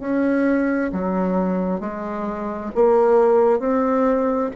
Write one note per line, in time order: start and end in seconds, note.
0.00 0.91 C#4
0.92 1.80 F#3
1.80 2.71 G#3
2.75 3.59 A#3
3.59 4.50 C4